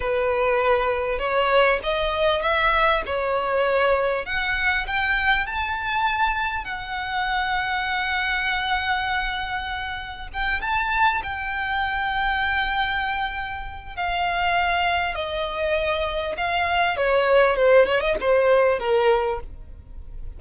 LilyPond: \new Staff \with { instrumentName = "violin" } { \time 4/4 \tempo 4 = 99 b'2 cis''4 dis''4 | e''4 cis''2 fis''4 | g''4 a''2 fis''4~ | fis''1~ |
fis''4 g''8 a''4 g''4.~ | g''2. f''4~ | f''4 dis''2 f''4 | cis''4 c''8 cis''16 dis''16 c''4 ais'4 | }